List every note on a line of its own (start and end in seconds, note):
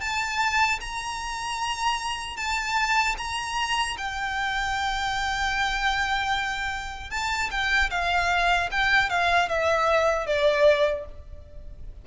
0.00 0.79 A5
0.80 2.36 A#5
2.36 3.15 A5
3.17 3.96 A#5
3.97 7.10 G5
7.10 7.50 A5
7.50 7.90 G5
7.90 8.69 F5
8.71 9.09 G5
9.09 9.48 F5
9.48 10.26 E5
10.26 11.05 D5